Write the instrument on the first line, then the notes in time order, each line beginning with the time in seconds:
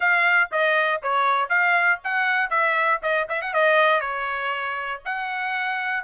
trumpet
0.00 F5
0.51 D#5
1.02 C#5
1.49 F5
2.04 F#5
2.50 E5
3.02 D#5
3.29 E5
3.41 F#5
3.53 D#5
4.00 C#5
5.05 F#5